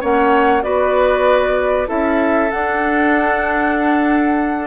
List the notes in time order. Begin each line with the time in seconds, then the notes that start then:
0.00 A#3 C#4 C#5 F#5
0.62 B3 F#4 B4 D5
1.86 C#4 E4 A4 E5
2.51 D4 F#5